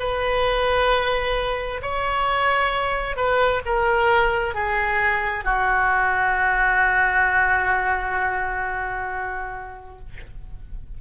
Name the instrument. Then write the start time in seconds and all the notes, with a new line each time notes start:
oboe
0.00 B4
1.83 C#5
3.17 B4
3.66 A#4
4.55 G#4
5.45 F#4